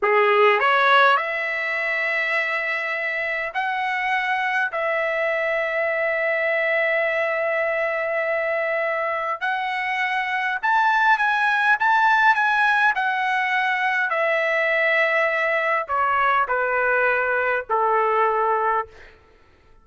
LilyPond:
\new Staff \with { instrumentName = "trumpet" } { \time 4/4 \tempo 4 = 102 gis'4 cis''4 e''2~ | e''2 fis''2 | e''1~ | e''1 |
fis''2 a''4 gis''4 | a''4 gis''4 fis''2 | e''2. cis''4 | b'2 a'2 | }